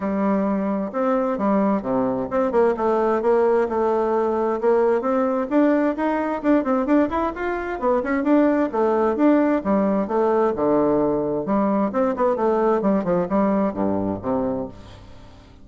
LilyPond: \new Staff \with { instrumentName = "bassoon" } { \time 4/4 \tempo 4 = 131 g2 c'4 g4 | c4 c'8 ais8 a4 ais4 | a2 ais4 c'4 | d'4 dis'4 d'8 c'8 d'8 e'8 |
f'4 b8 cis'8 d'4 a4 | d'4 g4 a4 d4~ | d4 g4 c'8 b8 a4 | g8 f8 g4 g,4 c4 | }